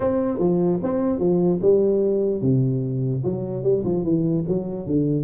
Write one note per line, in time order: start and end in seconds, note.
0.00 0.39 C4
0.39 0.79 F3
0.83 1.19 C4
1.19 1.59 F3
1.61 2.41 G3
2.41 3.22 C3
3.24 3.63 F#3
3.63 3.83 G3
3.84 4.03 F3
4.03 4.44 E3
4.47 4.86 F#3
4.86 5.24 D3